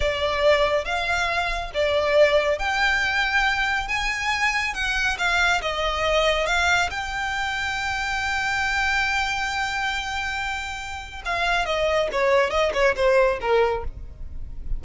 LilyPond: \new Staff \with { instrumentName = "violin" } { \time 4/4 \tempo 4 = 139 d''2 f''2 | d''2 g''2~ | g''4 gis''2 fis''4 | f''4 dis''2 f''4 |
g''1~ | g''1~ | g''2 f''4 dis''4 | cis''4 dis''8 cis''8 c''4 ais'4 | }